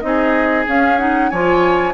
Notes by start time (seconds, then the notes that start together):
0.00 C4 D#4 D#5
0.07 G#4
0.67 C#4 F5
0.98 D#4 F#5
1.29 F3 F4 C#5 G#5